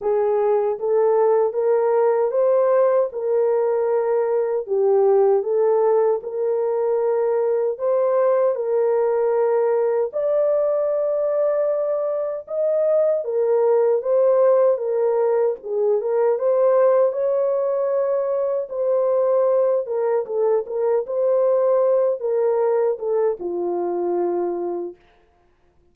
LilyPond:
\new Staff \with { instrumentName = "horn" } { \time 4/4 \tempo 4 = 77 gis'4 a'4 ais'4 c''4 | ais'2 g'4 a'4 | ais'2 c''4 ais'4~ | ais'4 d''2. |
dis''4 ais'4 c''4 ais'4 | gis'8 ais'8 c''4 cis''2 | c''4. ais'8 a'8 ais'8 c''4~ | c''8 ais'4 a'8 f'2 | }